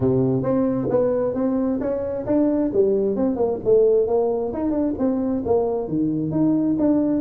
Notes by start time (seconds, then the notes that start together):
0.00 C3
0.42 C4
0.89 B3
1.34 C4
1.80 C#4
2.26 D4
2.73 G3
3.16 C4
3.36 A#3
3.64 A3
4.07 A#3
4.53 D#4
4.70 D4
4.98 C4
5.45 A#3
5.87 D#3
6.31 D#4
6.78 D4